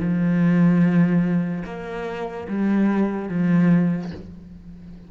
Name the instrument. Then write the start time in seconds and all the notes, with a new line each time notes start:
cello
0.00 F3
1.66 A#3
2.49 G3
3.29 F3